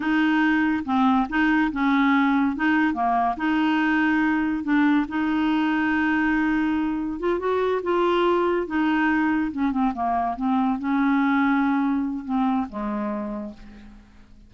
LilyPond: \new Staff \with { instrumentName = "clarinet" } { \time 4/4 \tempo 4 = 142 dis'2 c'4 dis'4 | cis'2 dis'4 ais4 | dis'2. d'4 | dis'1~ |
dis'4 f'8 fis'4 f'4.~ | f'8 dis'2 cis'8 c'8 ais8~ | ais8 c'4 cis'2~ cis'8~ | cis'4 c'4 gis2 | }